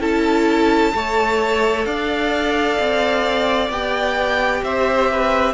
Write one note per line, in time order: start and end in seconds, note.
0.00 0.92 C#4
0.00 0.93 E4
0.00 0.93 A4
0.00 1.85 A5
0.93 1.86 A3
0.93 3.70 A4
0.93 1.87 C#5
1.85 2.78 D4
1.85 4.63 D5
1.85 3.70 F5
2.79 3.70 C4
3.70 4.62 B3
3.70 5.54 G4
3.70 4.64 G5
4.63 5.54 C4
4.63 5.11 C5
4.63 5.54 E5
5.11 5.54 B4